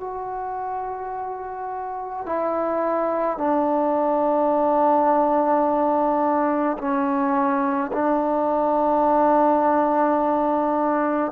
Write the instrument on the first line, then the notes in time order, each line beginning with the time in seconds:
trombone
0.00 F#4
2.26 E4
3.37 D4
6.78 C#4
7.92 D4